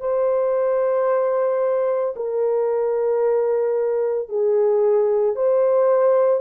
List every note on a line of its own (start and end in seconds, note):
0.00 2.14 C5
2.16 4.29 A#4
4.29 5.35 G#4
5.35 6.40 C5